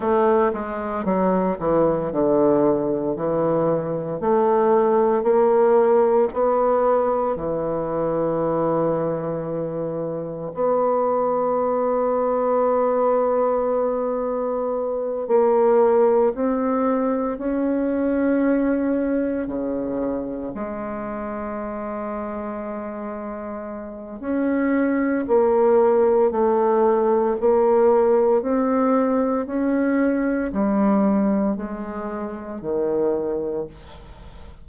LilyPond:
\new Staff \with { instrumentName = "bassoon" } { \time 4/4 \tempo 4 = 57 a8 gis8 fis8 e8 d4 e4 | a4 ais4 b4 e4~ | e2 b2~ | b2~ b8 ais4 c'8~ |
c'8 cis'2 cis4 gis8~ | gis2. cis'4 | ais4 a4 ais4 c'4 | cis'4 g4 gis4 dis4 | }